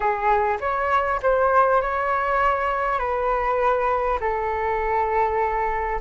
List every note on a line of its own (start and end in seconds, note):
0.00 0.57 G#4
0.60 1.20 C#5
1.22 1.81 C5
1.81 2.98 C#5
2.98 4.18 B4
4.20 6.00 A4